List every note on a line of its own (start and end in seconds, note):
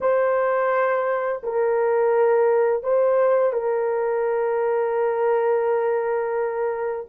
0.00 1.41 C5
1.43 2.83 A#4
2.83 3.53 C5
3.53 7.06 A#4